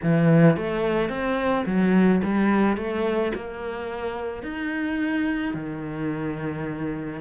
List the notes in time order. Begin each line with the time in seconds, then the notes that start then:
0.03 E3
0.56 A3
1.09 C4
1.66 F#3
2.23 G3
2.77 A3
3.34 A#3
4.43 D#4
5.54 D#3